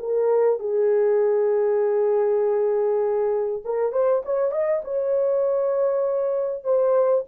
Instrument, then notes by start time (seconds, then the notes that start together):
horn
0.00 A#4
0.60 G#4
3.65 A#4
3.93 C5
4.25 C#5
4.52 D#5
4.85 C#5
6.64 C5